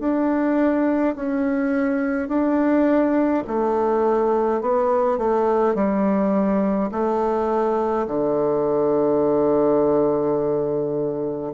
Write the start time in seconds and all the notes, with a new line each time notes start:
0.00 D4
1.15 C#4
2.29 D4
3.48 A3
4.62 B3
5.18 A3
5.75 G3
6.92 A3
8.08 D3